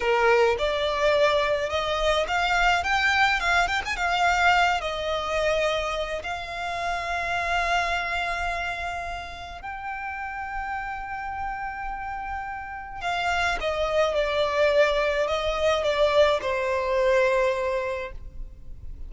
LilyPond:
\new Staff \with { instrumentName = "violin" } { \time 4/4 \tempo 4 = 106 ais'4 d''2 dis''4 | f''4 g''4 f''8 g''16 gis''16 f''4~ | f''8 dis''2~ dis''8 f''4~ | f''1~ |
f''4 g''2.~ | g''2. f''4 | dis''4 d''2 dis''4 | d''4 c''2. | }